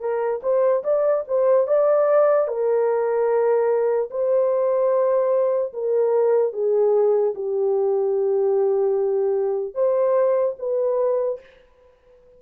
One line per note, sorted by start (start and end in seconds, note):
0.00 0.41 A#4
0.42 0.83 C5
0.83 1.24 D5
1.28 1.67 C5
1.67 2.47 D5
2.47 4.09 A#4
4.10 5.72 C5
5.73 6.53 A#4
6.53 7.34 G#4
7.35 9.74 G4
9.74 10.56 C5
10.58 11.40 B4